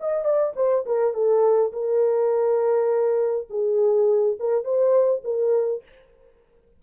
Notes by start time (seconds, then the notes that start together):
0.00 D#5
0.24 D5
0.55 C5
0.86 A#4
1.14 A4
1.72 A#4
3.50 G#4
4.39 A#4
4.64 C5
5.24 A#4